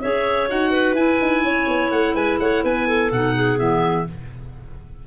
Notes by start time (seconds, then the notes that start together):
0.00 C#4 G#4 C#5 E5
0.49 D#4 F#4 F#5
0.71 B4
0.93 E4 G#5
1.21 D#4
1.43 C#4 C#5
1.67 B3
1.91 A3 F#5
2.15 G#3 B4 G#5
2.39 A3 C#5 F#5
2.64 B3 B4 G#5
2.88 A4
3.12 B2 D#4 F#5
3.35 G#4
3.57 E3 B3 E5